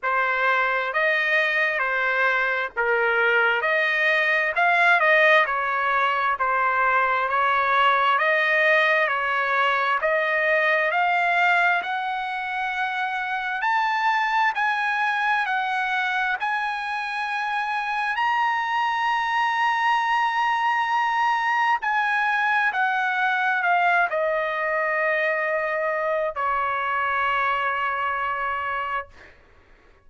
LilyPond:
\new Staff \with { instrumentName = "trumpet" } { \time 4/4 \tempo 4 = 66 c''4 dis''4 c''4 ais'4 | dis''4 f''8 dis''8 cis''4 c''4 | cis''4 dis''4 cis''4 dis''4 | f''4 fis''2 a''4 |
gis''4 fis''4 gis''2 | ais''1 | gis''4 fis''4 f''8 dis''4.~ | dis''4 cis''2. | }